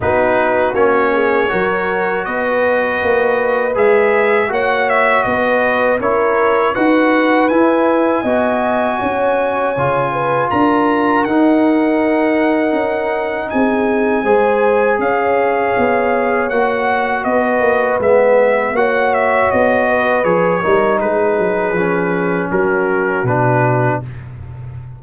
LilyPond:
<<
  \new Staff \with { instrumentName = "trumpet" } { \time 4/4 \tempo 4 = 80 b'4 cis''2 dis''4~ | dis''4 e''4 fis''8 e''8 dis''4 | cis''4 fis''4 gis''2~ | gis''2 ais''4 fis''4~ |
fis''2 gis''2 | f''2 fis''4 dis''4 | e''4 fis''8 e''8 dis''4 cis''4 | b'2 ais'4 b'4 | }
  \new Staff \with { instrumentName = "horn" } { \time 4/4 fis'4. gis'8 ais'4 b'4~ | b'2 cis''4 b'4 | ais'4 b'2 dis''4 | cis''4. b'8 ais'2~ |
ais'2 gis'4 c''4 | cis''2. b'4~ | b'4 cis''4. b'4 ais'8 | gis'2 fis'2 | }
  \new Staff \with { instrumentName = "trombone" } { \time 4/4 dis'4 cis'4 fis'2~ | fis'4 gis'4 fis'2 | e'4 fis'4 e'4 fis'4~ | fis'4 f'2 dis'4~ |
dis'2. gis'4~ | gis'2 fis'2 | b4 fis'2 gis'8 dis'8~ | dis'4 cis'2 d'4 | }
  \new Staff \with { instrumentName = "tuba" } { \time 4/4 b4 ais4 fis4 b4 | ais4 gis4 ais4 b4 | cis'4 dis'4 e'4 b4 | cis'4 cis4 d'4 dis'4~ |
dis'4 cis'4 c'4 gis4 | cis'4 b4 ais4 b8 ais8 | gis4 ais4 b4 f8 g8 | gis8 fis8 f4 fis4 b,4 | }
>>